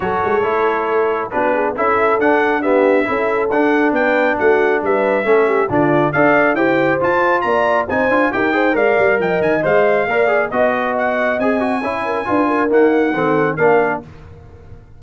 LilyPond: <<
  \new Staff \with { instrumentName = "trumpet" } { \time 4/4 \tempo 4 = 137 cis''2. b'4 | e''4 fis''4 e''2 | fis''4 g''4 fis''4 e''4~ | e''4 d''4 f''4 g''4 |
a''4 ais''4 gis''4 g''4 | f''4 g''8 gis''8 f''2 | dis''4 fis''4 gis''2~ | gis''4 fis''2 f''4 | }
  \new Staff \with { instrumentName = "horn" } { \time 4/4 a'2. fis'8 gis'8 | a'2 g'4 a'4~ | a'4 b'4 fis'4 b'4 | a'8 g'8 f'4 d''4 c''4~ |
c''4 d''4 c''4 ais'8 c''8 | d''4 dis''2 d''4 | dis''2. cis''8 ais'8 | b'8 ais'4. a'4 ais'4 | }
  \new Staff \with { instrumentName = "trombone" } { \time 4/4 fis'4 e'2 d'4 | e'4 d'4 b4 e'4 | d'1 | cis'4 d'4 a'4 g'4 |
f'2 dis'8 f'8 g'8 gis'8 | ais'2 c''4 ais'8 gis'8 | fis'2 gis'8 fis'8 e'4 | f'4 ais4 c'4 d'4 | }
  \new Staff \with { instrumentName = "tuba" } { \time 4/4 fis8 gis8 a2 b4 | cis'4 d'2 cis'4 | d'4 b4 a4 g4 | a4 d4 d'4 e'4 |
f'4 ais4 c'8 d'8 dis'4 | gis8 g8 f8 dis8 gis4 ais4 | b2 c'4 cis'4 | d'4 dis'4 dis4 ais4 | }
>>